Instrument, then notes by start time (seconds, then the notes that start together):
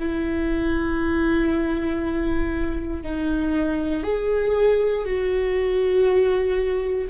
viola
0.00 E4
3.03 D#4
4.03 G#4
5.05 F#4